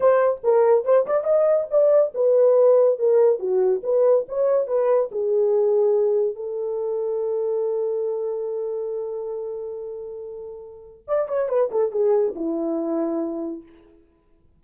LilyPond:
\new Staff \with { instrumentName = "horn" } { \time 4/4 \tempo 4 = 141 c''4 ais'4 c''8 d''8 dis''4 | d''4 b'2 ais'4 | fis'4 b'4 cis''4 b'4 | gis'2. a'4~ |
a'1~ | a'1~ | a'2 d''8 cis''8 b'8 a'8 | gis'4 e'2. | }